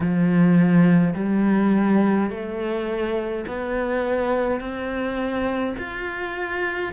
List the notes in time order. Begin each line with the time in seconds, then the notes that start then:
0.00 F3
1.14 G3
2.30 A3
3.47 B3
4.60 C4
5.77 F4